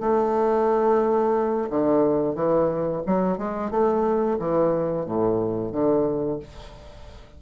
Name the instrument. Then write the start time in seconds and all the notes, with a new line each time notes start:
bassoon
0.00 A3
1.69 D3
2.35 E3
3.06 F#3
3.37 G#3
3.70 A3
4.39 E3
5.06 A2
5.72 D3